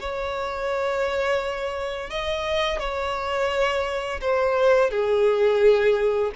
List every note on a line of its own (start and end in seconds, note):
0.00 2.10 C#5
2.10 2.79 D#5
2.79 4.20 C#5
4.21 4.90 C5
4.90 6.31 G#4